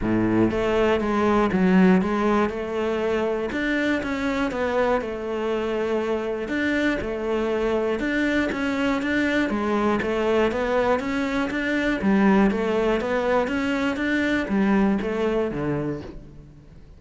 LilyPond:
\new Staff \with { instrumentName = "cello" } { \time 4/4 \tempo 4 = 120 a,4 a4 gis4 fis4 | gis4 a2 d'4 | cis'4 b4 a2~ | a4 d'4 a2 |
d'4 cis'4 d'4 gis4 | a4 b4 cis'4 d'4 | g4 a4 b4 cis'4 | d'4 g4 a4 d4 | }